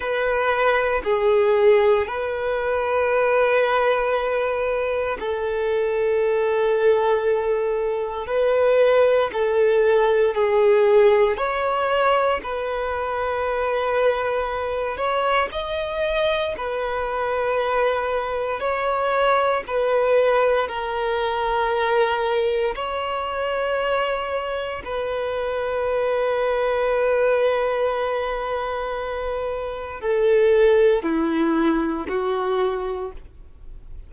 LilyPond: \new Staff \with { instrumentName = "violin" } { \time 4/4 \tempo 4 = 58 b'4 gis'4 b'2~ | b'4 a'2. | b'4 a'4 gis'4 cis''4 | b'2~ b'8 cis''8 dis''4 |
b'2 cis''4 b'4 | ais'2 cis''2 | b'1~ | b'4 a'4 e'4 fis'4 | }